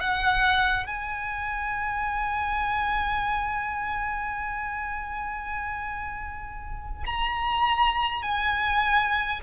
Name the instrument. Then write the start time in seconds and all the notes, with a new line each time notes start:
violin
0.00 F#5
0.86 G#5
7.06 A#5
8.22 G#5